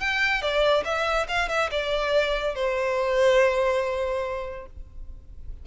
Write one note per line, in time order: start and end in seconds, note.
0.00 0.41 G5
0.41 0.84 D5
0.84 1.26 E5
1.28 1.48 F5
1.48 1.69 E5
1.71 2.55 D5
2.55 4.66 C5